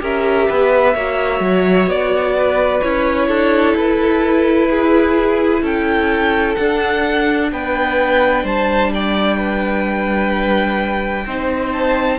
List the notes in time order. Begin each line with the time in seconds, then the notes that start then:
0.00 C#4 G4 A#4 E5
0.48 B3 B4
0.94 A#3 F#4 C#5
1.40 F#3
1.87 B3 D5
2.38 B4
2.82 C#4 E4 C#5
3.28 D4 A4
3.76 E4 B4
4.70 G#4
5.62 C#4 A4 G5
6.56 D4 F#5
7.52 B3 B4 G5
8.44 G3 C5 A5
8.94 D5 G5
9.37 B4
11.26 C4 D#4 C5
11.72 A5